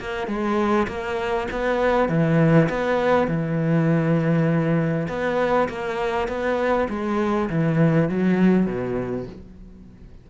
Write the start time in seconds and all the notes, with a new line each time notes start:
0.00 A#3
0.27 G#3
0.88 A#3
1.51 B3
2.09 E3
2.69 B3
3.28 E3
5.08 B3
5.69 A#3
6.28 B3
6.89 G#3
7.50 E3
8.09 F#3
8.66 B2